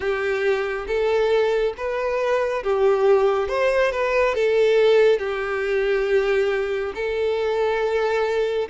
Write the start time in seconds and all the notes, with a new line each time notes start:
0.00 G4
0.87 A4
1.77 B4
2.63 G4
3.48 C5
3.91 B4
4.34 A4
5.18 G4
6.94 A4